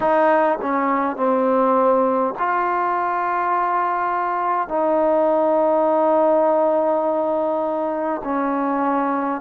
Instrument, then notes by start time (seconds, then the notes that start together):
trombone
0.00 D#4
0.61 C#4
1.16 C4
2.39 F4
4.68 D#4
8.24 C#4